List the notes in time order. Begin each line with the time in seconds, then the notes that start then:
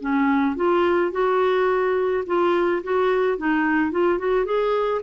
0.00 C#4
0.56 F4
1.11 F#4
2.26 F4
2.83 F#4
3.37 D#4
3.91 F4
4.18 F#4
4.45 G#4